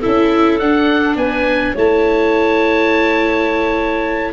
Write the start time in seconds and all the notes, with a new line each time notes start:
0.00 E4 A4 E5
0.06 C#4
0.59 D4 F#5
1.16 B3 B4 G#5
1.74 A3 E4 C#5 A5